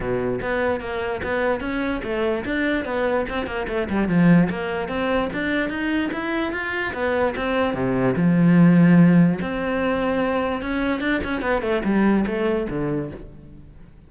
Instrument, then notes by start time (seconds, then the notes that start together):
cello
0.00 B2
0.41 B3
0.80 A#3
1.23 B3
1.60 C#4
2.03 A3
2.45 D4
2.85 B3
3.29 C4
3.46 A#3
3.68 A3
3.89 G3
4.08 F3
4.50 A#3
4.88 C4
5.33 D4
5.69 D#4
6.12 E4
6.52 F4
6.93 B3
7.36 C4
7.74 C3
8.16 F3
9.41 C4
10.62 C#4
11.00 D4
11.24 C#4
11.41 B3
11.62 A3
11.84 G3
12.26 A3
12.69 D3